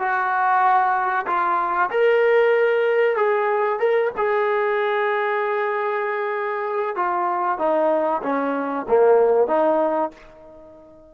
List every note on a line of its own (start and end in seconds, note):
0.00 1.26 F#4
1.27 1.90 F4
1.91 3.17 A#4
3.17 3.80 G#4
3.80 4.11 A#4
4.17 6.96 G#4
6.96 7.59 F4
7.59 8.22 D#4
8.23 8.86 C#4
8.89 9.48 A#3
9.48 10.11 D#4